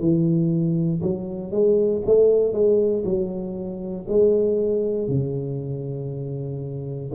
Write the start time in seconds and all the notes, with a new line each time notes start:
0.00 E3
1.02 F#3
1.52 G#3
2.06 A3
2.53 G#3
3.05 F#3
4.08 G#3
5.08 C#3